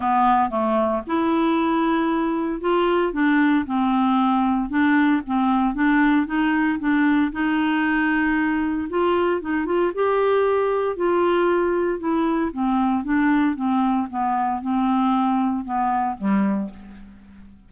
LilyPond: \new Staff \with { instrumentName = "clarinet" } { \time 4/4 \tempo 4 = 115 b4 a4 e'2~ | e'4 f'4 d'4 c'4~ | c'4 d'4 c'4 d'4 | dis'4 d'4 dis'2~ |
dis'4 f'4 dis'8 f'8 g'4~ | g'4 f'2 e'4 | c'4 d'4 c'4 b4 | c'2 b4 g4 | }